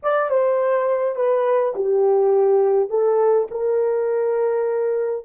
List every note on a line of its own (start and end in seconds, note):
0.02 0.29 D5
0.29 1.15 C5
1.15 1.73 B4
1.75 2.89 G4
2.89 3.47 A4
3.51 5.25 A#4